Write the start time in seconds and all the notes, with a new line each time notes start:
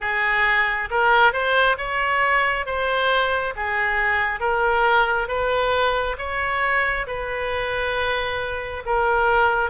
0.00 G#4
0.90 A#4
1.32 C5
1.77 C#5
2.66 C5
3.55 G#4
4.40 A#4
5.27 B4
6.18 C#5
7.06 B4
8.85 A#4